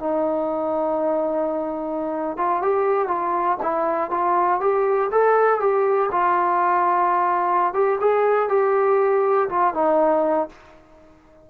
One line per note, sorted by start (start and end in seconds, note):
0.00 2.38 D#4
2.38 2.62 F4
2.62 3.08 G4
3.08 3.58 F4
3.62 4.11 E4
4.11 4.61 F4
4.61 5.11 G4
5.12 5.60 A4
5.60 6.10 G4
6.12 7.74 F4
7.74 7.99 G4
8.01 8.49 G#4
8.49 9.49 G4
9.49 9.74 F4
9.74 10.49 D#4